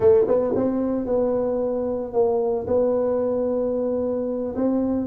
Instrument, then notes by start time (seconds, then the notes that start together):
tuba
0.00 A3
0.27 B3
0.55 C4
1.06 B3
2.13 A#3
2.67 B3
4.55 C4